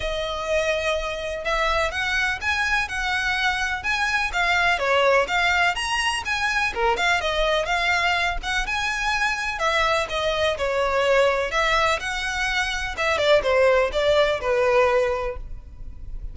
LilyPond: \new Staff \with { instrumentName = "violin" } { \time 4/4 \tempo 4 = 125 dis''2. e''4 | fis''4 gis''4 fis''2 | gis''4 f''4 cis''4 f''4 | ais''4 gis''4 ais'8 f''8 dis''4 |
f''4. fis''8 gis''2 | e''4 dis''4 cis''2 | e''4 fis''2 e''8 d''8 | c''4 d''4 b'2 | }